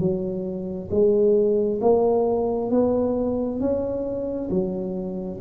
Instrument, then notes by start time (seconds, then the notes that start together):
tuba
0.00 F#3
0.91 G#3
1.81 A#3
2.71 B3
3.60 C#4
4.50 F#3